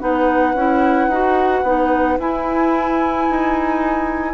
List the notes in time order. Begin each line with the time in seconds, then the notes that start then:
0.00 B3 D#4 B4 F#5
0.55 C#4 E4
1.08 D#4 F#4
1.63 B3 D#4
2.20 E4 G#5
3.30 D#4